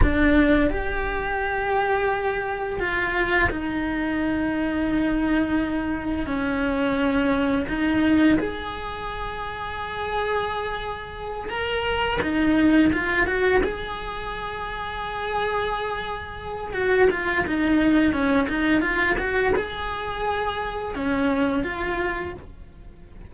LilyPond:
\new Staff \with { instrumentName = "cello" } { \time 4/4 \tempo 4 = 86 d'4 g'2. | f'4 dis'2.~ | dis'4 cis'2 dis'4 | gis'1~ |
gis'8 ais'4 dis'4 f'8 fis'8 gis'8~ | gis'1 | fis'8 f'8 dis'4 cis'8 dis'8 f'8 fis'8 | gis'2 cis'4 f'4 | }